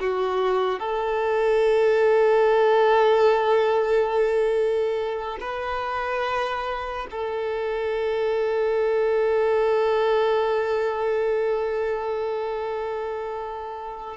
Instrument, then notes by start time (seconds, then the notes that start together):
violin
0.00 F#4
0.80 A4
5.41 B4
7.11 A4